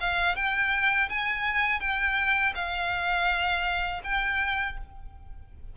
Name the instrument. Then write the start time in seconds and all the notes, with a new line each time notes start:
violin
0.00 F5
0.36 G5
1.09 G#5
1.80 G5
2.55 F5
4.03 G5